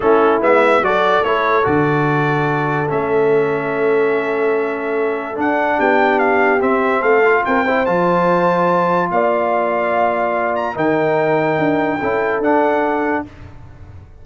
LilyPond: <<
  \new Staff \with { instrumentName = "trumpet" } { \time 4/4 \tempo 4 = 145 a'4 e''4 d''4 cis''4 | d''2. e''4~ | e''1~ | e''4 fis''4 g''4 f''4 |
e''4 f''4 g''4 a''4~ | a''2 f''2~ | f''4. ais''8 g''2~ | g''2 fis''2 | }
  \new Staff \with { instrumentName = "horn" } { \time 4/4 e'2 a'2~ | a'1~ | a'1~ | a'2 g'2~ |
g'4 a'4 ais'8 c''4.~ | c''2 d''2~ | d''2 ais'2~ | ais'4 a'2. | }
  \new Staff \with { instrumentName = "trombone" } { \time 4/4 cis'4 b4 fis'4 e'4 | fis'2. cis'4~ | cis'1~ | cis'4 d'2. |
c'4. f'4 e'8 f'4~ | f'1~ | f'2 dis'2~ | dis'4 e'4 d'2 | }
  \new Staff \with { instrumentName = "tuba" } { \time 4/4 a4 gis4 fis4 a4 | d2. a4~ | a1~ | a4 d'4 b2 |
c'4 a4 c'4 f4~ | f2 ais2~ | ais2 dis2 | d'4 cis'4 d'2 | }
>>